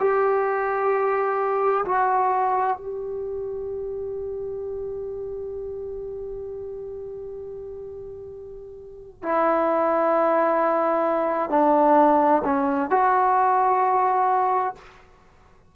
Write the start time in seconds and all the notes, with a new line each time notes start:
0.00 G4
1.85 F#4
2.77 G4
9.23 E4
11.50 D4
12.44 C#4
12.90 F#4